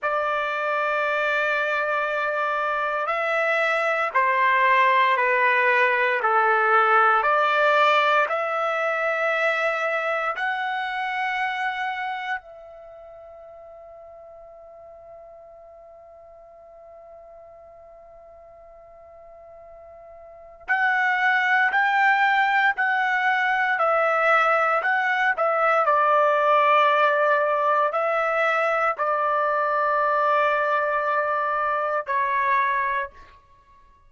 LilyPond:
\new Staff \with { instrumentName = "trumpet" } { \time 4/4 \tempo 4 = 58 d''2. e''4 | c''4 b'4 a'4 d''4 | e''2 fis''2 | e''1~ |
e''1 | fis''4 g''4 fis''4 e''4 | fis''8 e''8 d''2 e''4 | d''2. cis''4 | }